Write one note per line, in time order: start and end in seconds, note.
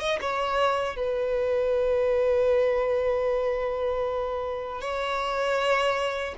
0.00 0.19 D#5
0.22 0.97 C#5
0.97 4.81 B4
4.81 6.35 C#5